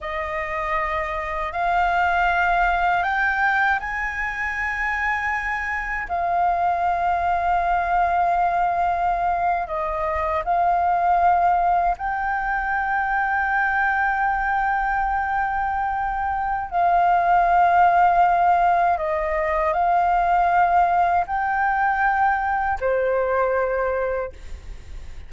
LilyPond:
\new Staff \with { instrumentName = "flute" } { \time 4/4 \tempo 4 = 79 dis''2 f''2 | g''4 gis''2. | f''1~ | f''8. dis''4 f''2 g''16~ |
g''1~ | g''2 f''2~ | f''4 dis''4 f''2 | g''2 c''2 | }